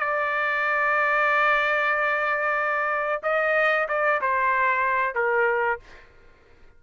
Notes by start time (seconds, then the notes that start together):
0.00 D5
3.23 D#5
3.89 D5
4.21 C5
5.15 A#4